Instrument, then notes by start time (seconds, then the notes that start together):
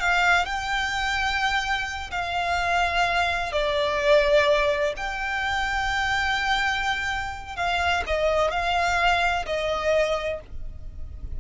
violin
0.00 F5
0.45 G5
2.11 F5
3.52 D5
4.97 G5
7.56 F5
8.06 D#5
8.51 F5
9.46 D#5